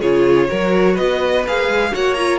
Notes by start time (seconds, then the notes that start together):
0.00 C#3 F4 G#4 C#5
0.49 F#3 F#4 A#4
0.94 B3 B4 D#5
1.47 A#3 G#4 F5
1.68 G#3
1.92 A#3 F#4 C#5 F#5
2.14 F4 A#5